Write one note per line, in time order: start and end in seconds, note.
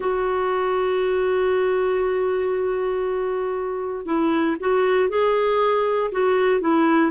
0.00 4.05 F#4
4.05 4.56 E4
4.60 5.08 F#4
5.08 6.10 G#4
6.11 6.61 F#4
6.61 7.11 E4